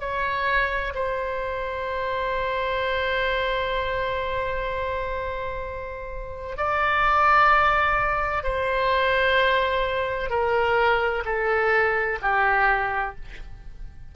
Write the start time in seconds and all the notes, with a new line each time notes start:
0.00 C#5
0.95 C5
6.58 D5
8.44 C5
10.30 A#4
11.25 A4
12.22 G4